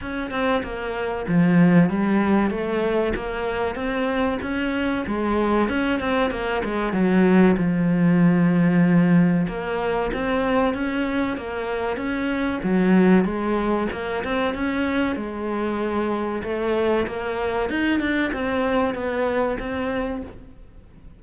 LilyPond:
\new Staff \with { instrumentName = "cello" } { \time 4/4 \tempo 4 = 95 cis'8 c'8 ais4 f4 g4 | a4 ais4 c'4 cis'4 | gis4 cis'8 c'8 ais8 gis8 fis4 | f2. ais4 |
c'4 cis'4 ais4 cis'4 | fis4 gis4 ais8 c'8 cis'4 | gis2 a4 ais4 | dis'8 d'8 c'4 b4 c'4 | }